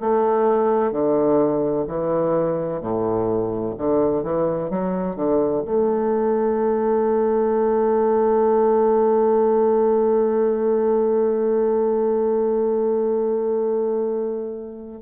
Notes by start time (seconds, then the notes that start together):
0.00 A3
0.92 D3
1.87 E3
2.80 A2
3.78 D3
4.23 E3
4.70 F#3
5.16 D3
5.65 A3